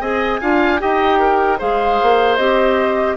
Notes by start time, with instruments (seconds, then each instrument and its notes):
0.00 bassoon C4, clarinet G#4, oboe D#5, flute G#5
0.41 bassoon D4, clarinet F4, oboe F5
0.79 bassoon D#4, clarinet G4, oboe D#5, flute G5
1.19 oboe A#4
1.59 bassoon G#3, clarinet G#4, oboe C5, flute F5
2.02 bassoon A#3
2.37 bassoon C4, clarinet G4, flute D#5